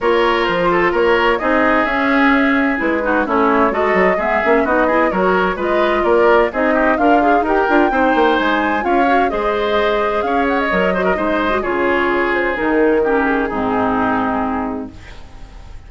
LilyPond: <<
  \new Staff \with { instrumentName = "flute" } { \time 4/4 \tempo 4 = 129 cis''4 c''4 cis''4 dis''4 | e''2 b'4 cis''4 | dis''4 e''4 dis''4 cis''4 | dis''4 d''4 dis''4 f''4 |
g''2 gis''4 f''4 | dis''2 f''8 fis''16 dis''4~ dis''16~ | dis''4 cis''4. c''8 ais'4~ | ais'8 gis'2.~ gis'8 | }
  \new Staff \with { instrumentName = "oboe" } { \time 4/4 ais'4. a'8 ais'4 gis'4~ | gis'2~ gis'8 fis'8 e'4 | a'4 gis'4 fis'8 gis'8 ais'4 | b'4 ais'4 gis'8 g'8 f'4 |
ais'4 c''2 cis''4 | c''2 cis''4. c''16 ais'16 | c''4 gis'2. | g'4 dis'2. | }
  \new Staff \with { instrumentName = "clarinet" } { \time 4/4 f'2. dis'4 | cis'2 e'8 dis'8 cis'4 | fis'4 b8 cis'8 dis'8 e'8 fis'4 | f'2 dis'4 ais'8 gis'8 |
g'8 f'8 dis'2 f'8 fis'8 | gis'2. ais'8 fis'8 | dis'8. fis'16 f'2 dis'4 | cis'4 c'2. | }
  \new Staff \with { instrumentName = "bassoon" } { \time 4/4 ais4 f4 ais4 c'4 | cis'2 gis4 a4 | gis8 fis8 gis8 ais8 b4 fis4 | gis4 ais4 c'4 d'4 |
dis'8 d'8 c'8 ais8 gis4 cis'4 | gis2 cis'4 fis4 | gis4 cis2 dis4~ | dis4 gis,2. | }
>>